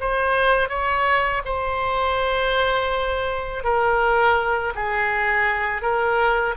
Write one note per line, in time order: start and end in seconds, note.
0.00 0.69 C5
0.69 1.42 C#5
1.45 3.64 C5
3.64 4.73 A#4
4.75 5.81 G#4
5.81 6.55 A#4